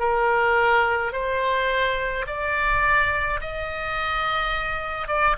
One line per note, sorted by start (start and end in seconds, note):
0.00 1.13 A#4
1.13 2.26 C5
2.27 3.40 D5
3.41 5.08 D#5
5.08 5.36 D5